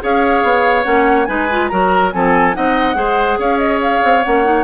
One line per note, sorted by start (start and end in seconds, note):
0.00 0.43 C#4
0.00 0.83 G#4
0.00 1.28 C#5
0.00 0.83 F5
0.43 0.85 B3
0.83 1.28 A#3
0.83 1.25 C#4
0.83 1.25 F#5
1.25 1.70 G#3
1.25 1.47 D#4
1.25 1.70 B4
1.25 1.67 G#5
1.51 1.71 F4
1.68 2.14 F#3
1.68 2.12 F#4
1.68 2.13 A#4
1.68 2.10 A#5
2.12 2.56 F3
2.12 2.53 C4
2.12 2.56 A4
2.12 2.54 G#5
2.53 2.95 C4
2.53 2.94 D#4
2.53 2.96 D#5
2.53 3.39 F#5
2.94 3.37 G#3
2.94 4.21 G#4
2.94 3.38 C5
3.38 4.01 C#4
3.38 4.64 C#5
3.38 3.58 F5
3.58 3.79 D#5
3.82 4.24 F5
4.03 4.24 C4
4.24 4.64 A#3
4.24 4.44 C#4
4.24 4.64 F#5
4.44 4.64 D#4